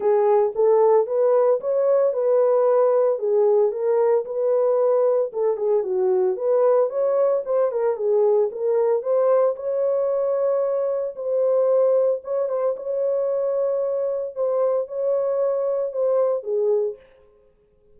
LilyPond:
\new Staff \with { instrumentName = "horn" } { \time 4/4 \tempo 4 = 113 gis'4 a'4 b'4 cis''4 | b'2 gis'4 ais'4 | b'2 a'8 gis'8 fis'4 | b'4 cis''4 c''8 ais'8 gis'4 |
ais'4 c''4 cis''2~ | cis''4 c''2 cis''8 c''8 | cis''2. c''4 | cis''2 c''4 gis'4 | }